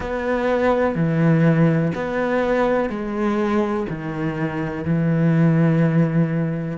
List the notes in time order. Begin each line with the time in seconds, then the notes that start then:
0.00 B3
0.95 E3
1.94 B3
2.89 G#3
3.89 D#3
4.84 E3